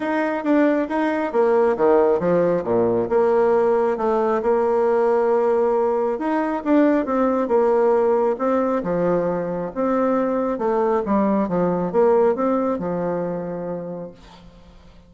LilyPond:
\new Staff \with { instrumentName = "bassoon" } { \time 4/4 \tempo 4 = 136 dis'4 d'4 dis'4 ais4 | dis4 f4 ais,4 ais4~ | ais4 a4 ais2~ | ais2 dis'4 d'4 |
c'4 ais2 c'4 | f2 c'2 | a4 g4 f4 ais4 | c'4 f2. | }